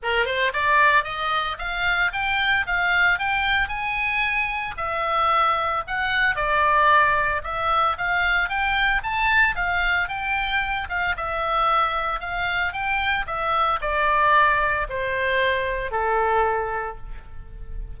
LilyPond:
\new Staff \with { instrumentName = "oboe" } { \time 4/4 \tempo 4 = 113 ais'8 c''8 d''4 dis''4 f''4 | g''4 f''4 g''4 gis''4~ | gis''4 e''2 fis''4 | d''2 e''4 f''4 |
g''4 a''4 f''4 g''4~ | g''8 f''8 e''2 f''4 | g''4 e''4 d''2 | c''2 a'2 | }